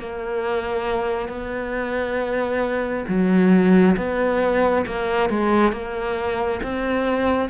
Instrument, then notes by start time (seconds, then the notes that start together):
cello
0.00 A#3
1.29 B3
3.08 F#3
3.97 B3
4.86 A#3
5.30 G#3
5.72 A#3
6.63 C4